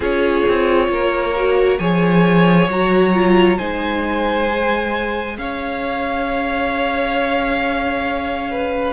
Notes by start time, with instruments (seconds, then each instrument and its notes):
0.00 cello C#4, viola F4, violin G#4 C#5
0.48 cello C4
0.88 cello A#3, violin A#4
1.35 viola F#4
1.78 cello F3, viola G#4, violin C#5 G#5
2.68 cello F#3, viola F#4, violin A#5
3.13 viola F4
3.57 cello G#3, viola D#4, violin C5 G#5
4.48 viola G#4
5.37 cello C#4, violin C#5 F5
8.51 violin B4